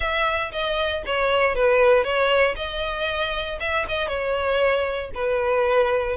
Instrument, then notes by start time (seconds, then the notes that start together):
violin
0.00 E5
0.52 D#5
1.06 C#5
1.55 B4
2.04 C#5
2.56 D#5
3.60 E5
3.88 D#5
4.08 C#5
5.14 B4